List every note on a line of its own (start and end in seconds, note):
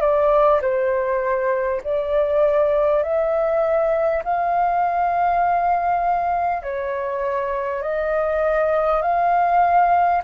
0.00 0.60 D5
0.61 1.81 C5
1.83 3.03 D5
3.03 4.23 E5
4.24 6.62 F5
6.62 7.82 C#5
7.82 9.01 D#5
9.01 10.21 F5